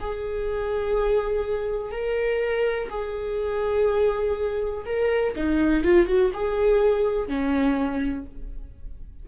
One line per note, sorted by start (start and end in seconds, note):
0.00 1.92 G#4
1.92 2.89 A#4
2.90 4.85 G#4
4.86 5.35 A#4
5.36 5.84 D#4
5.84 6.07 F4
6.07 6.31 F#4
6.34 7.27 G#4
7.27 8.25 C#4